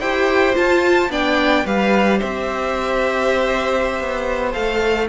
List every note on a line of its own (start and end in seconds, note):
0.00 0.55 E4
0.00 0.54 G4
0.00 1.11 C5
0.00 0.55 G5
0.54 1.10 F4
0.54 1.12 A5
1.10 1.65 B3
1.10 1.66 D4
1.10 1.65 D5
1.10 1.67 G5
1.65 2.21 G3
1.65 4.53 G4
1.65 2.19 B4
1.65 2.21 F5
2.19 4.00 C4
2.19 5.08 C5
2.19 4.53 E5
4.00 4.56 B3
4.53 5.09 A3
4.53 5.08 A4
4.53 5.08 F5